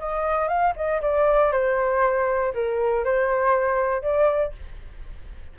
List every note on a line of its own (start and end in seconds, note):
0.00 0.48 D#5
0.48 0.74 F5
0.76 1.01 D#5
1.02 1.52 D5
1.52 2.53 C5
2.54 3.05 A#4
3.05 4.02 C5
4.02 4.53 D5